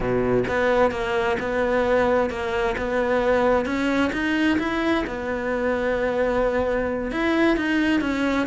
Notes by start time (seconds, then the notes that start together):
0.00 B2
0.47 B3
0.91 A#3
1.39 B3
2.29 A#3
2.77 B3
3.65 C#4
4.12 D#4
4.58 E4
5.07 B3
7.11 E4
7.56 D#4
8.00 C#4